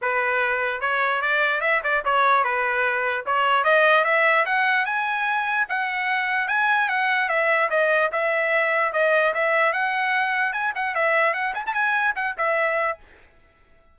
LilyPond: \new Staff \with { instrumentName = "trumpet" } { \time 4/4 \tempo 4 = 148 b'2 cis''4 d''4 | e''8 d''8 cis''4 b'2 | cis''4 dis''4 e''4 fis''4 | gis''2 fis''2 |
gis''4 fis''4 e''4 dis''4 | e''2 dis''4 e''4 | fis''2 gis''8 fis''8 e''4 | fis''8 gis''16 a''16 gis''4 fis''8 e''4. | }